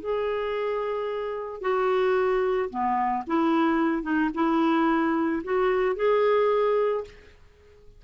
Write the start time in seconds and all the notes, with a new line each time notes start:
0.00 G#4
1.61 F#4
2.70 B3
3.27 E4
4.03 D#4
4.34 E4
5.44 F#4
5.96 G#4